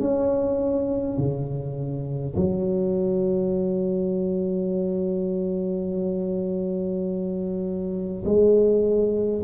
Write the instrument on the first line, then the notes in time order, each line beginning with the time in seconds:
tuba
0.00 C#4
1.18 C#3
2.36 F#3
8.25 G#3